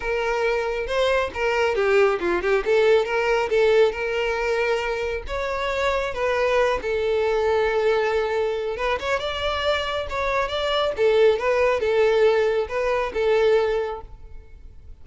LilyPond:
\new Staff \with { instrumentName = "violin" } { \time 4/4 \tempo 4 = 137 ais'2 c''4 ais'4 | g'4 f'8 g'8 a'4 ais'4 | a'4 ais'2. | cis''2 b'4. a'8~ |
a'1 | b'8 cis''8 d''2 cis''4 | d''4 a'4 b'4 a'4~ | a'4 b'4 a'2 | }